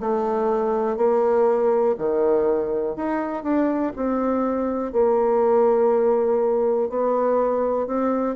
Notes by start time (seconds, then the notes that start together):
0.00 A3
0.97 A#3
1.98 D#3
2.96 D#4
3.43 D4
3.96 C4
4.92 A#3
6.89 B3
7.87 C4